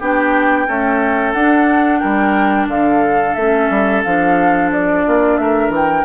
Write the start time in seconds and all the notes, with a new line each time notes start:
0.00 B3 D4 G4 G5
0.68 A3 C#4 A4
1.33 D4 F#5
1.99 G3 A#4 G5
2.67 D3 A4 F5
3.35 A3 C#4 E5
3.70 G3
4.04 F3 D4 F5
4.72 D5
5.07 A#3 F4
5.37 A3 A#4 E5
5.69 E3
5.76 G5